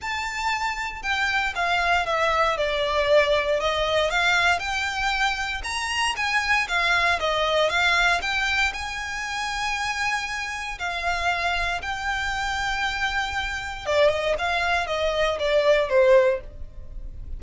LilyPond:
\new Staff \with { instrumentName = "violin" } { \time 4/4 \tempo 4 = 117 a''2 g''4 f''4 | e''4 d''2 dis''4 | f''4 g''2 ais''4 | gis''4 f''4 dis''4 f''4 |
g''4 gis''2.~ | gis''4 f''2 g''4~ | g''2. d''8 dis''8 | f''4 dis''4 d''4 c''4 | }